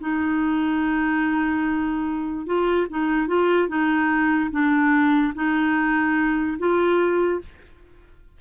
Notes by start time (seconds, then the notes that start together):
0.00 D#4
2.46 F4
2.90 D#4
3.27 F4
3.68 D#4
4.51 D4
5.34 D#4
6.58 F4